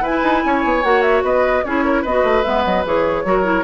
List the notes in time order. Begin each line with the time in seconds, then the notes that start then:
0.00 E4 B4 G#5
0.08 E4
0.23 D#4
0.45 C#4 C#5
0.64 B3
0.83 A#3 F#4 F#5
1.02 E5
1.22 B3 B4 D#5
1.64 C#4 E4 G#4 C#5
1.84 A#4
2.02 B3 B4 D#5
2.08 F#4
2.23 A3
2.43 G#3 B3 E5
2.65 F#3 D#5
2.85 E3 G#4 C#5
3.24 F#3 F#4 A#4
3.43 E4